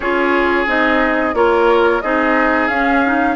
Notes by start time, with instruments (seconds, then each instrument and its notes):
0.00 bassoon C#4, clarinet F4, oboe G#4, flute C#5
0.67 bassoon C4, clarinet D#4, flute D#5
1.34 bassoon A#3, clarinet F4, oboe A#4, flute C#5
2.01 bassoon C4, clarinet D#4, oboe G#4, flute D#5
2.68 bassoon C#4, clarinet C#4, flute F5
3.05 clarinet D#4